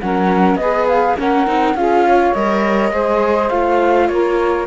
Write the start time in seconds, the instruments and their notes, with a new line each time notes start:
0.00 cello F#3, viola C#4, saxophone A#4, flute F#5
0.55 cello B3, saxophone B4, flute D#5
0.61 viola G#4
0.88 flute F5
1.17 cello A#3, viola C#4, saxophone A#4, flute F#5
1.46 cello C4, viola D#4
1.74 cello C#4, viola F4, saxophone G#4, flute F5
2.06 saxophone C#5
2.34 cello G3, viola A#4, flute D#5
2.91 cello G#3, viola G#4, saxophone C5
3.49 cello A3, viola F4, flute F5
4.08 cello A#3, saxophone A#4, flute C#5